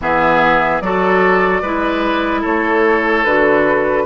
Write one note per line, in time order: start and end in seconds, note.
0.00 0.81 E3
0.00 0.82 B3
0.00 0.83 G#4
0.00 0.81 E5
0.81 1.62 F#3
0.81 1.64 F#4
0.81 1.61 A4
0.81 2.43 D5
1.61 2.43 G#3
1.61 3.26 E4
1.61 2.41 B4
2.41 3.24 A3
2.41 4.03 A4
2.41 3.24 C#5
3.24 4.05 D3
3.24 4.05 F#4
3.24 4.05 B4